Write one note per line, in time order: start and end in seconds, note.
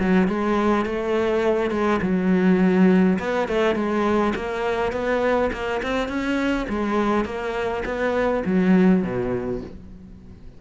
0.00 0.28 F#3
0.28 0.86 G#3
0.86 1.71 A3
1.71 2.00 G#3
2.02 3.19 F#3
3.19 3.48 B3
3.48 3.75 A3
3.75 4.34 G#3
4.35 4.92 A#3
4.92 5.51 B3
5.53 5.82 A#3
5.83 6.08 C4
6.08 6.67 C#4
6.69 7.25 G#3
7.25 7.83 A#3
7.85 8.43 B3
8.45 9.03 F#3
9.03 9.61 B2